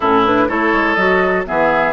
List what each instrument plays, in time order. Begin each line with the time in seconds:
0.00 bassoon A2, clarinet C#4, oboe E4, flute A4
0.24 clarinet D4, flute B4
0.48 bassoon A3, clarinet E4, oboe A4, flute C#5
0.73 bassoon G#3
0.94 bassoon F#3, clarinet F#4, flute D#5
1.45 bassoon E3, clarinet B3, oboe G#4, flute E5